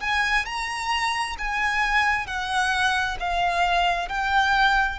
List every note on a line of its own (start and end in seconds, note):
0.00 0.45 G#5
0.45 1.36 A#5
1.38 2.26 G#5
2.26 3.17 F#5
3.20 4.08 F5
4.08 4.99 G5